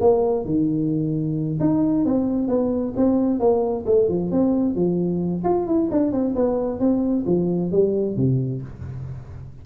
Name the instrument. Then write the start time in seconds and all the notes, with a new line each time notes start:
tuba
0.00 A#3
0.45 D#3
1.60 D#4
2.05 C4
2.48 B3
2.96 C4
3.39 A#3
3.86 A3
4.08 F3
4.31 C4
4.75 F3
5.44 F4
5.66 E4
5.91 D4
6.12 C4
6.35 B3
6.79 C4
7.26 F3
7.71 G3
8.16 C3